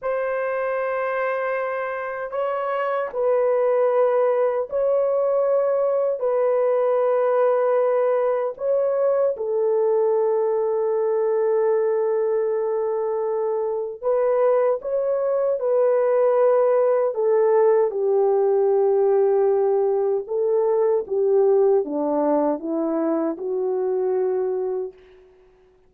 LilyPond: \new Staff \with { instrumentName = "horn" } { \time 4/4 \tempo 4 = 77 c''2. cis''4 | b'2 cis''2 | b'2. cis''4 | a'1~ |
a'2 b'4 cis''4 | b'2 a'4 g'4~ | g'2 a'4 g'4 | d'4 e'4 fis'2 | }